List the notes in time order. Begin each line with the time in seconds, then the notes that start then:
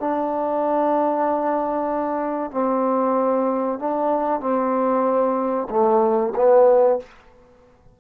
0.00 D4
2.52 C4
3.79 D4
4.41 C4
5.70 A3
6.36 B3